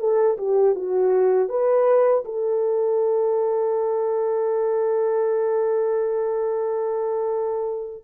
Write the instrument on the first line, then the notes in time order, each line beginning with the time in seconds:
horn
0.00 A4
0.38 G4
0.75 F#4
1.49 B4
2.25 A4